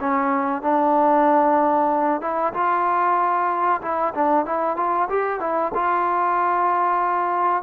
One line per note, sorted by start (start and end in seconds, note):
0.00 0.62 C#4
0.62 2.21 D4
2.21 2.53 E4
2.54 3.82 F4
3.82 4.13 E4
4.15 4.46 D4
4.46 4.76 E4
4.76 5.08 F4
5.09 5.40 G4
5.40 5.72 E4
5.75 7.63 F4